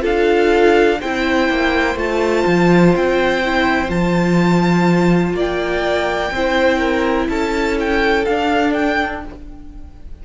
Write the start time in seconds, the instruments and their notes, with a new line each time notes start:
0.00 cello D4, viola F4, violin A4 F5
0.99 cello C4, viola E4, violin C5 G5
1.49 cello A#3
1.95 cello A3, viola F4, violin A5
2.46 cello F3
2.96 cello C4, violin G5
3.44 viola E4
3.88 cello F3, viola F4, violin A5
5.33 cello A#3, violin D5
5.39 violin G5
6.31 cello C4, viola E4, violin C5
6.78 violin A#4
7.28 cello C#4, violin A4 A5
7.79 violin G5
8.25 viola D4, cello D4, violin F5
8.73 violin G5